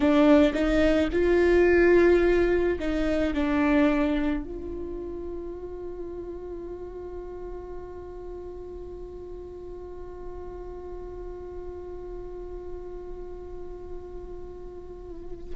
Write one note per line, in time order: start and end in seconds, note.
0.00 0.53 D4
0.53 1.09 D#4
1.12 2.78 F4
2.79 3.34 D#4
3.34 4.43 D4
4.43 15.55 F4